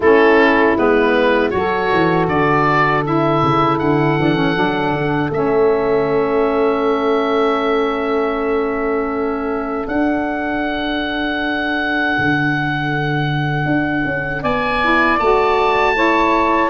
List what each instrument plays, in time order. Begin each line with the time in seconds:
0.00 tuba A3, saxophone C#4 E4, oboe A4
0.77 tuba G#3, saxophone B3, oboe B4
1.50 tuba F#3, saxophone F#4 A4, oboe C#5
1.92 tuba E3
2.27 tuba D3, oboe D5
3.04 saxophone E4, oboe E5
3.42 tuba C#3
3.78 tuba D3, oboe F#5
4.18 tuba E3, saxophone D4
4.34 saxophone C#4
4.54 tuba F#3, saxophone D4
4.92 tuba D3
5.30 tuba A3, saxophone C#4, oboe E5
9.87 saxophone D4, tuba D4, oboe F#5
12.18 tuba D3
13.65 tuba D4
14.05 tuba C#4
14.42 tuba B3, saxophone D5, oboe G#5
14.81 saxophone E4
15.19 tuba A3, saxophone F#4, oboe A5
15.94 saxophone E4 C#5